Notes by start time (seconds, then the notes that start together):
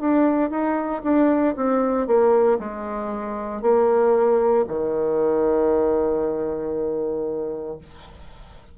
0.00 D4
0.50 D#4
1.03 D4
1.56 C4
2.06 A#3
2.59 G#3
3.62 A#3
4.68 D#3